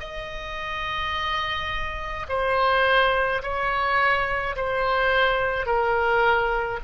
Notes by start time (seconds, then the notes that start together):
0.00 D#5
2.28 C5
3.42 C#5
4.56 C5
5.66 A#4